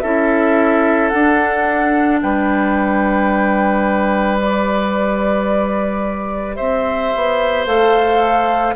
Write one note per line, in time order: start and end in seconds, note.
0.00 1.12 C#4
0.00 1.12 E4
0.00 2.20 A4
0.00 1.09 E5
1.09 2.22 D4
1.09 4.40 D4
1.09 2.18 F#5
2.21 6.60 G3
2.21 6.56 B4
2.21 4.39 G5
4.40 7.66 G4
4.40 6.56 D5
6.56 7.14 C4
6.56 8.74 C5
6.56 7.65 E5
7.16 7.67 B3
7.66 8.76 A3
7.66 8.75 A4
7.66 8.76 F5